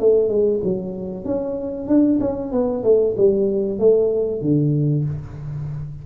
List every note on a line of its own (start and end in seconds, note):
0.00 0.29 A3
0.29 0.60 G#3
0.64 1.25 F#3
1.25 1.87 C#4
1.87 2.19 D4
2.20 2.52 C#4
2.52 2.84 B3
2.84 3.15 A3
3.17 3.80 G3
3.80 4.42 A3
4.42 5.05 D3